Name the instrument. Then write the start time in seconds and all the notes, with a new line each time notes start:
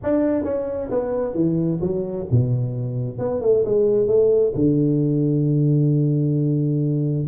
tuba
0.03 D4
0.44 C#4
0.90 B3
1.34 E3
1.81 F#3
2.31 B2
3.18 B3
3.41 A3
3.65 G#3
4.07 A3
4.55 D3